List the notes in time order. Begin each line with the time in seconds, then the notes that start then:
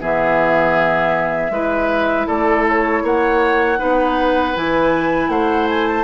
0.00 E3 B3 G#4 E5
1.50 G#3 E4 B4
2.27 A3 A4 D5
2.69 C#5
3.03 A#3 C#5 F#5
3.78 B3 D#4 B4
4.55 E3 E4 G#5
5.29 A3 C5 F#5
5.69 G#5
5.87 A5